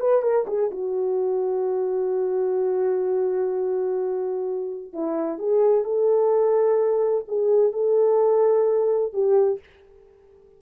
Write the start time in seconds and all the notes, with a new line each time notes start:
0.00 B4
0.22 A#4
0.47 G#4
0.71 F#4
4.93 E4
5.38 G#4
5.84 A4
7.27 G#4
7.72 A4
9.13 G4